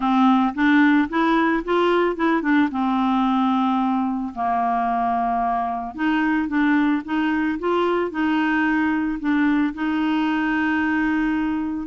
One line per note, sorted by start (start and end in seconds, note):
0.00 0.53 C4
0.54 1.08 D4
1.09 1.63 E4
1.64 2.16 F4
2.16 2.42 E4
2.42 2.69 D4
2.71 4.33 C4
4.34 5.94 A#3
5.94 6.47 D#4
6.47 7.01 D4
7.04 7.58 D#4
7.59 8.10 F4
8.10 9.18 D#4
9.19 9.73 D4
9.74 11.87 D#4